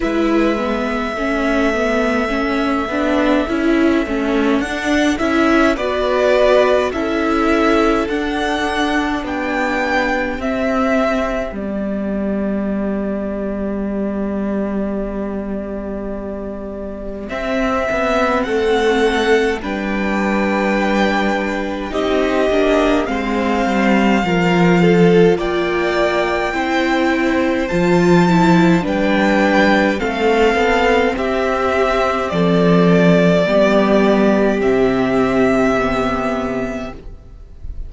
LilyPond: <<
  \new Staff \with { instrumentName = "violin" } { \time 4/4 \tempo 4 = 52 e''1 | fis''8 e''8 d''4 e''4 fis''4 | g''4 e''4 d''2~ | d''2. e''4 |
fis''4 g''2 dis''4 | f''2 g''2 | a''4 g''4 f''4 e''4 | d''2 e''2 | }
  \new Staff \with { instrumentName = "violin" } { \time 4/4 b'4 a'2.~ | a'4 b'4 a'2 | g'1~ | g'1 |
a'4 b'2 g'4 | c''4 ais'8 a'8 d''4 c''4~ | c''4 b'4 a'4 g'4 | a'4 g'2. | }
  \new Staff \with { instrumentName = "viola" } { \time 4/4 e'8 b8 cis'8 b8 cis'8 d'8 e'8 cis'8 | d'8 e'8 fis'4 e'4 d'4~ | d'4 c'4 b2~ | b2. c'4~ |
c'4 d'2 dis'8 d'8 | c'4 f'2 e'4 | f'8 e'8 d'4 c'2~ | c'4 b4 c'4 b4 | }
  \new Staff \with { instrumentName = "cello" } { \time 4/4 gis4 a4. b8 cis'8 a8 | d'8 cis'8 b4 cis'4 d'4 | b4 c'4 g2~ | g2. c'8 b8 |
a4 g2 c'8 ais8 | gis8 g8 f4 ais4 c'4 | f4 g4 a8 b8 c'4 | f4 g4 c2 | }
>>